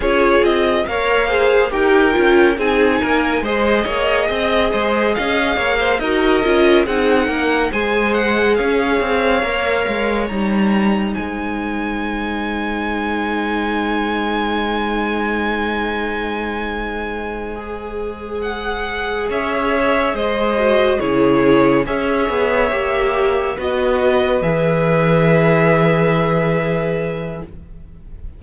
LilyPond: <<
  \new Staff \with { instrumentName = "violin" } { \time 4/4 \tempo 4 = 70 cis''8 dis''8 f''4 g''4 gis''4 | dis''2 f''4 dis''4 | fis''4 gis''8 fis''8 f''2 | ais''4 gis''2.~ |
gis''1~ | gis''4. fis''4 e''4 dis''8~ | dis''8 cis''4 e''2 dis''8~ | dis''8 e''2.~ e''8 | }
  \new Staff \with { instrumentName = "violin" } { \time 4/4 gis'4 cis''8 c''8 ais'4 gis'8 ais'8 | c''8 cis''8 dis''8 c''8 dis''8 cis''16 c''16 ais'4 | gis'8 ais'8 c''4 cis''2~ | cis''4 c''2.~ |
c''1~ | c''2~ c''8 cis''4 c''8~ | c''8 gis'4 cis''2 b'8~ | b'1 | }
  \new Staff \with { instrumentName = "viola" } { \time 4/4 f'4 ais'8 gis'8 g'8 f'8 dis'4 | gis'2. fis'8 f'8 | dis'4 gis'2 ais'4 | dis'1~ |
dis'1~ | dis'8 gis'2.~ gis'8 | fis'8 e'4 gis'4 g'4 fis'8~ | fis'8 gis'2.~ gis'8 | }
  \new Staff \with { instrumentName = "cello" } { \time 4/4 cis'8 c'8 ais4 dis'8 cis'8 c'8 ais8 | gis8 ais8 c'8 gis8 cis'8 ais8 dis'8 cis'8 | c'8 ais8 gis4 cis'8 c'8 ais8 gis8 | g4 gis2.~ |
gis1~ | gis2~ gis8 cis'4 gis8~ | gis8 cis4 cis'8 b8 ais4 b8~ | b8 e2.~ e8 | }
>>